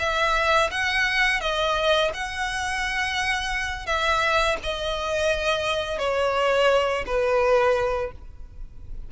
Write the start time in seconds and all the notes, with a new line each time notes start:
0.00 E5
0.72 F#5
1.41 D#5
2.15 F#5
3.87 E5
4.63 D#5
5.99 C#5
7.07 B4